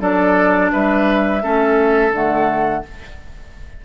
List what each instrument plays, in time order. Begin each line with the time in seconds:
0.00 bassoon F#3, clarinet D4, oboe A4, flute D5
0.72 bassoon G3, oboe B4, flute E5
1.42 bassoon A3, clarinet C#4, oboe A4
2.12 bassoon D3, clarinet A3, flute F#5